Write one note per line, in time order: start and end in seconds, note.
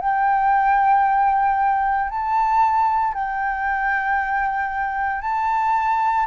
0.00 2.10 G5
2.10 3.14 A5
3.14 5.22 G5
5.22 6.27 A5